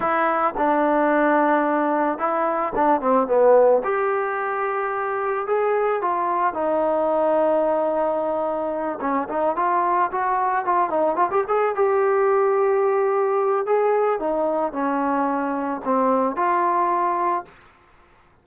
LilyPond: \new Staff \with { instrumentName = "trombone" } { \time 4/4 \tempo 4 = 110 e'4 d'2. | e'4 d'8 c'8 b4 g'4~ | g'2 gis'4 f'4 | dis'1~ |
dis'8 cis'8 dis'8 f'4 fis'4 f'8 | dis'8 f'16 g'16 gis'8 g'2~ g'8~ | g'4 gis'4 dis'4 cis'4~ | cis'4 c'4 f'2 | }